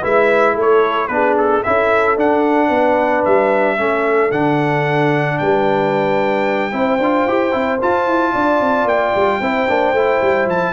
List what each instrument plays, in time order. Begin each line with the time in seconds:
0.00 tuba G#3, trombone E4, horn B4, trumpet E5
0.55 tuba A3, horn A4, trumpet C#5
1.07 tuba B3, trombone D4, horn G#4, trumpet B4
1.37 trumpet A4
1.63 tuba C#4, trombone E4, horn A4, trumpet E5
2.16 tuba D4, trombone D4, trumpet F#5
2.67 tuba B3, horn B4
3.24 tuba G3, trumpet E5
3.77 tuba A3, trombone C#4, horn A4
4.31 tuba D3, trombone D4, trumpet F#5
5.38 tuba G3, horn B4, trumpet G5
6.71 tuba C4, trombone E4, horn C5
6.99 tuba D4, trombone F4
7.26 tuba E4, trombone G4
7.52 tuba C4, trombone E4
7.81 trombone F4, tuba F4, trumpet A5
8.06 tuba E4
8.32 tuba D4, horn D5
8.60 tuba C4
8.84 tuba A#3, trumpet G5
9.15 tuba G3
9.40 tuba C4, trombone E4, horn C5
9.68 tuba A#3, trombone D4
9.93 tuba A3, trombone E4
10.21 tuba G3
10.46 tuba F3, trumpet A5